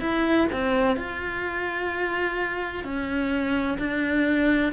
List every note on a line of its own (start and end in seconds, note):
0.00 0.47 E4
0.52 0.96 C4
0.96 2.84 F4
2.84 3.78 C#4
3.78 4.72 D4